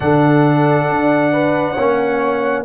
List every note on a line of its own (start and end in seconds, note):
0.00 0.88 D3
0.00 1.76 D4
0.00 1.32 A4
0.00 2.64 F#5
0.88 1.77 D4
1.32 1.72 B4
1.72 2.64 A#3
1.72 2.64 C#4
1.72 2.61 C#5